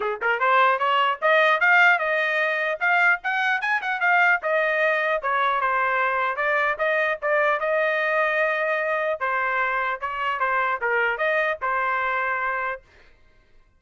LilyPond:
\new Staff \with { instrumentName = "trumpet" } { \time 4/4 \tempo 4 = 150 gis'8 ais'8 c''4 cis''4 dis''4 | f''4 dis''2 f''4 | fis''4 gis''8 fis''8 f''4 dis''4~ | dis''4 cis''4 c''2 |
d''4 dis''4 d''4 dis''4~ | dis''2. c''4~ | c''4 cis''4 c''4 ais'4 | dis''4 c''2. | }